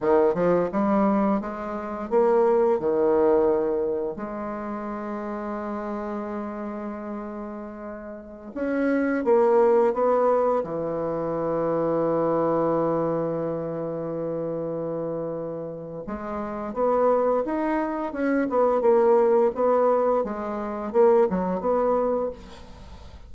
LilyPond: \new Staff \with { instrumentName = "bassoon" } { \time 4/4 \tempo 4 = 86 dis8 f8 g4 gis4 ais4 | dis2 gis2~ | gis1~ | gis16 cis'4 ais4 b4 e8.~ |
e1~ | e2. gis4 | b4 dis'4 cis'8 b8 ais4 | b4 gis4 ais8 fis8 b4 | }